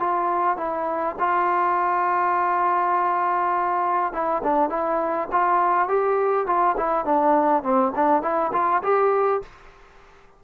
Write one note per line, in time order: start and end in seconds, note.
0.00 0.57 F4
0.57 1.16 E4
1.19 4.13 F4
4.13 4.43 E4
4.44 4.70 D4
4.70 5.29 E4
5.32 5.88 F4
5.88 6.47 G4
6.47 6.76 F4
6.77 7.05 E4
7.05 7.63 D4
7.63 7.93 C4
7.96 8.22 D4
8.22 8.52 E4
8.53 8.82 F4
8.83 9.42 G4